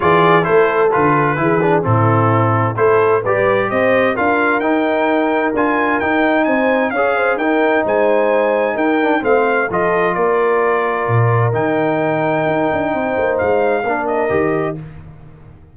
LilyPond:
<<
  \new Staff \with { instrumentName = "trumpet" } { \time 4/4 \tempo 4 = 130 d''4 c''4 b'2 | a'2 c''4 d''4 | dis''4 f''4 g''2 | gis''4 g''4 gis''4 f''4 |
g''4 gis''2 g''4 | f''4 dis''4 d''2~ | d''4 g''2.~ | g''4 f''4. dis''4. | }
  \new Staff \with { instrumentName = "horn" } { \time 4/4 gis'4 a'2 gis'4 | e'2 a'4 b'4 | c''4 ais'2.~ | ais'2 c''4 cis''8 c''8 |
ais'4 c''2 ais'4 | c''4 a'4 ais'2~ | ais'1 | c''2 ais'2 | }
  \new Staff \with { instrumentName = "trombone" } { \time 4/4 f'4 e'4 f'4 e'8 d'8 | c'2 e'4 g'4~ | g'4 f'4 dis'2 | f'4 dis'2 gis'4 |
dis'2.~ dis'8 d'8 | c'4 f'2.~ | f'4 dis'2.~ | dis'2 d'4 g'4 | }
  \new Staff \with { instrumentName = "tuba" } { \time 4/4 e4 a4 d4 e4 | a,2 a4 g4 | c'4 d'4 dis'2 | d'4 dis'4 c'4 cis'4 |
dis'4 gis2 dis'4 | a4 f4 ais2 | ais,4 dis2 dis'8 d'8 | c'8 ais8 gis4 ais4 dis4 | }
>>